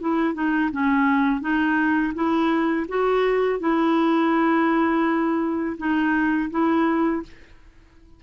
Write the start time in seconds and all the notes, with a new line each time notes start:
0.00 E4
0.34 D#4
0.72 C#4
1.41 D#4
2.14 E4
2.88 F#4
3.60 E4
5.77 D#4
6.51 E4